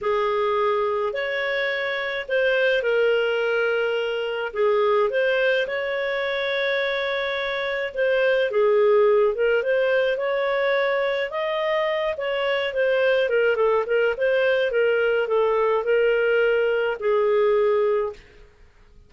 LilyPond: \new Staff \with { instrumentName = "clarinet" } { \time 4/4 \tempo 4 = 106 gis'2 cis''2 | c''4 ais'2. | gis'4 c''4 cis''2~ | cis''2 c''4 gis'4~ |
gis'8 ais'8 c''4 cis''2 | dis''4. cis''4 c''4 ais'8 | a'8 ais'8 c''4 ais'4 a'4 | ais'2 gis'2 | }